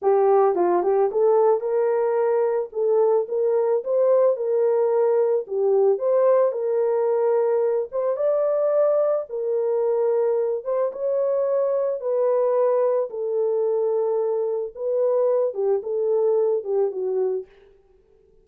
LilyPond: \new Staff \with { instrumentName = "horn" } { \time 4/4 \tempo 4 = 110 g'4 f'8 g'8 a'4 ais'4~ | ais'4 a'4 ais'4 c''4 | ais'2 g'4 c''4 | ais'2~ ais'8 c''8 d''4~ |
d''4 ais'2~ ais'8 c''8 | cis''2 b'2 | a'2. b'4~ | b'8 g'8 a'4. g'8 fis'4 | }